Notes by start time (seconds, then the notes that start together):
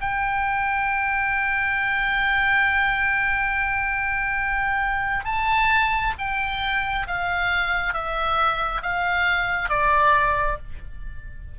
0.00 G5
5.25 A5
6.18 G5
7.07 F5
7.93 E5
8.82 F5
9.69 D5